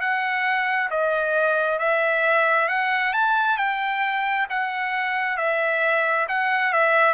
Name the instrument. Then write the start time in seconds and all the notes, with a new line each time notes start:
trumpet
0.00 F#5
0.90 D#5
1.78 E5
2.68 F#5
3.13 A5
3.57 G5
4.49 F#5
5.37 E5
6.28 F#5
6.72 E5